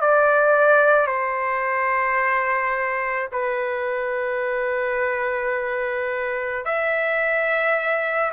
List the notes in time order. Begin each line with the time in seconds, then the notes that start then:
0.00 D5
1.07 C5
3.31 B4
6.65 E5